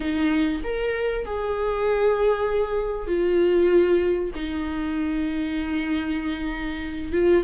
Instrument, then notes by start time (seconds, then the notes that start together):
viola
0.00 D#4
0.63 A#4
1.25 G#4
3.07 F4
4.35 D#4
7.12 F4